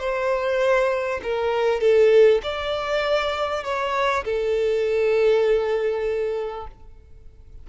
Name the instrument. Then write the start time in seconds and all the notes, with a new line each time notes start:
violin
0.00 C5
1.23 A#4
1.81 A4
2.43 D5
3.64 C#5
4.25 A4